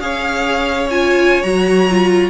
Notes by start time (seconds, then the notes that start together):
0.00 C#4 G#4 C#5 F5
0.90 F4 G#5
1.42 F#3 F#4 A#5
1.90 F4